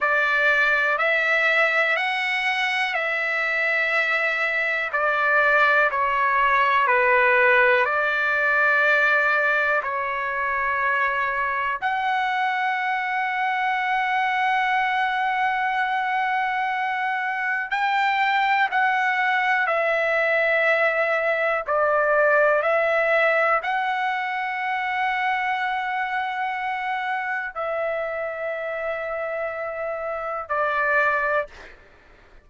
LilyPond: \new Staff \with { instrumentName = "trumpet" } { \time 4/4 \tempo 4 = 61 d''4 e''4 fis''4 e''4~ | e''4 d''4 cis''4 b'4 | d''2 cis''2 | fis''1~ |
fis''2 g''4 fis''4 | e''2 d''4 e''4 | fis''1 | e''2. d''4 | }